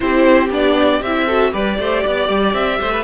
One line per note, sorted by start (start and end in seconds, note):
0.00 0.49 C4
0.00 0.49 E4
0.00 1.26 G4
0.00 0.48 C5
0.49 1.00 B3
0.49 1.01 D4
0.49 1.02 D5
1.01 1.52 C4
1.01 1.29 E4
1.01 1.53 E5
1.26 1.52 F#4
1.26 1.51 A4
1.52 1.78 G3
1.52 3.03 G4
1.52 1.77 B4
1.52 2.54 D5
1.78 2.03 A3
1.78 2.03 C5
2.03 2.28 B3
2.03 2.79 D5
2.28 2.53 G3
2.53 2.78 C4
2.53 3.03 E5
2.79 3.03 A3
2.79 2.92 C5
2.92 3.03 B4